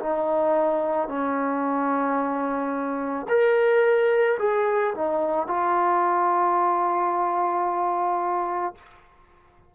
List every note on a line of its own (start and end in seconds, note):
0.00 1.09 D#4
1.09 3.27 C#4
3.29 4.38 A#4
4.39 4.94 G#4
4.95 5.47 D#4
5.47 8.75 F4